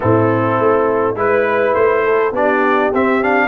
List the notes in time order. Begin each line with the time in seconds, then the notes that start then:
0.00 A2 C4 E4 A4
0.58 A3
1.15 G#3 E4 B4
1.74 A3 C5
2.04 A4
2.31 B3 D4 G4 D5
2.93 C4 E5
3.22 D4 F5